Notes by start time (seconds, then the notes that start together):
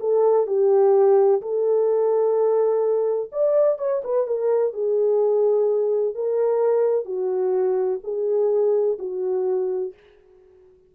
0.00 A4
0.47 G4
1.42 A4
3.32 D5
3.78 C#5
4.04 B4
4.26 A#4
4.73 G#4
6.15 A#4
7.05 F#4
8.03 G#4
8.99 F#4